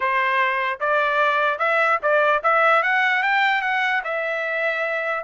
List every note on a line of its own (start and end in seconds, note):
0.00 0.79 C5
0.80 1.59 D5
1.59 1.99 E5
2.02 2.42 D5
2.43 2.82 E5
2.82 3.23 F#5
3.23 3.61 G5
3.61 4.01 F#5
4.04 5.23 E5